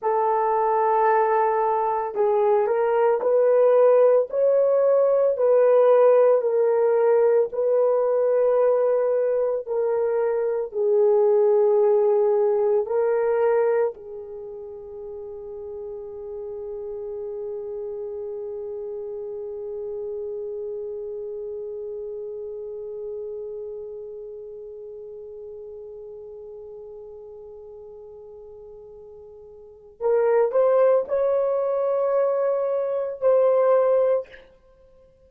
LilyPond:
\new Staff \with { instrumentName = "horn" } { \time 4/4 \tempo 4 = 56 a'2 gis'8 ais'8 b'4 | cis''4 b'4 ais'4 b'4~ | b'4 ais'4 gis'2 | ais'4 gis'2.~ |
gis'1~ | gis'1~ | gis'1 | ais'8 c''8 cis''2 c''4 | }